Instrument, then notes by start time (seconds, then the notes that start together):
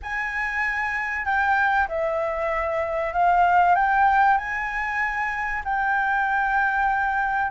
flute
0.02 G#5
1.25 G5
1.88 E5
3.12 F5
3.75 G5
4.37 G#5
5.64 G5